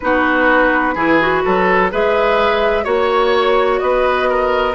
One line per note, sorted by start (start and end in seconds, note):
0.00 0.95 B3
0.00 0.96 D#4
0.00 0.94 F#4
0.00 1.90 B4
0.94 1.42 E3
0.94 1.20 E4
0.94 1.42 G#4
1.20 1.91 F#4
1.44 1.92 F#3
1.44 1.91 A4
1.91 2.85 G#3
1.91 2.84 G#4
1.91 2.84 B4
1.91 2.84 E5
2.84 3.80 A#3
2.84 4.74 F#4
2.84 3.79 C#5
3.79 4.74 B3
3.79 4.29 B4
3.79 4.74 D#5
4.29 4.74 A#4